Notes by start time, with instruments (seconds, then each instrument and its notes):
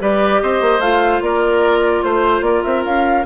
0.00 bassoon G3, clarinet G4, oboe B4, flute D5
0.42 bassoon C4, oboe C5, flute D#5
0.61 bassoon A#3
0.80 bassoon A3, clarinet F4, flute F5
1.22 bassoon A#3, oboe A#4, flute D5
2.04 bassoon A3, flute C5, oboe C5
2.42 bassoon A#3, oboe A#4, flute D5
2.64 bassoon C4, flute E5
2.85 bassoon C#4, flute F5